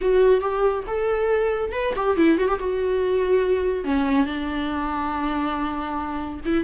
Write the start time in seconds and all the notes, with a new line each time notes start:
0.01 F#4
0.41 G4
0.87 A4
1.72 B4
1.95 G4
2.16 E4
2.37 F#4
2.48 G4
2.59 F#4
3.84 C#4
4.25 D4
6.45 E4